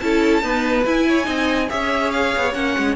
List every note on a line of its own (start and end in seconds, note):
0.00 0.42 C#4
0.00 0.43 E4
0.00 0.43 A4
0.00 0.85 A5
0.42 0.85 B3
0.42 0.85 D#4
0.42 1.07 B4
0.85 1.27 E4
0.85 1.23 E4
0.85 1.69 G#5
1.08 1.26 C#5
1.23 1.69 C4
1.23 1.65 D#4
1.23 1.68 D#5
1.69 2.36 C#4
1.69 2.54 G#4
1.69 2.96 C#5
1.69 2.11 E5
2.11 2.53 F5
2.37 2.54 B3
2.54 2.75 A#3
2.54 2.96 C#4
2.54 2.96 F#5
2.78 2.96 G#3